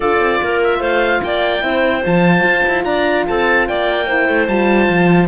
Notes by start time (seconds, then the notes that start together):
0.00 D4 F4 A4 D5
0.19 C4
0.42 A#3 A#4
0.63 E5
0.79 A3 C5 F5
1.23 A#3 D5 G5
1.61 C4 E4 C5
2.03 F3 F4 A5
2.43 F4
2.68 E4
2.84 D4 D5 A#5
3.27 C4 A4 A5
3.68 A#3 D5 G5
4.06 E4 C5
4.28 A3
4.47 G3 F4 A5
4.89 F3